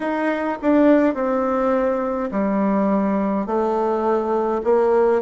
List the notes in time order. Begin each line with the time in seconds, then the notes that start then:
0.00 D#4
0.62 D4
1.14 C4
2.31 G3
3.46 A3
4.64 A#3